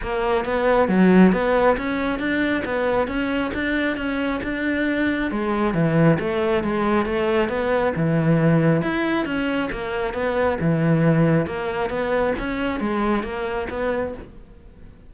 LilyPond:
\new Staff \with { instrumentName = "cello" } { \time 4/4 \tempo 4 = 136 ais4 b4 fis4 b4 | cis'4 d'4 b4 cis'4 | d'4 cis'4 d'2 | gis4 e4 a4 gis4 |
a4 b4 e2 | e'4 cis'4 ais4 b4 | e2 ais4 b4 | cis'4 gis4 ais4 b4 | }